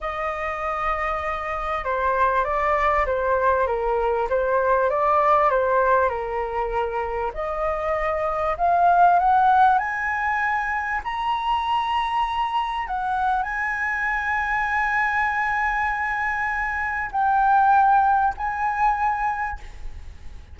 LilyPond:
\new Staff \with { instrumentName = "flute" } { \time 4/4 \tempo 4 = 98 dis''2. c''4 | d''4 c''4 ais'4 c''4 | d''4 c''4 ais'2 | dis''2 f''4 fis''4 |
gis''2 ais''2~ | ais''4 fis''4 gis''2~ | gis''1 | g''2 gis''2 | }